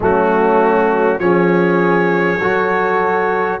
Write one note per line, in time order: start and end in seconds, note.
0.00 1.18 F#3
0.00 1.20 A3
0.00 1.20 C#4
0.00 1.19 F#4
1.18 2.38 F3
1.18 2.40 C#4
1.18 2.39 G#4
1.18 3.59 C#5
2.39 3.59 F#3
2.39 3.60 F#4
2.39 3.59 A4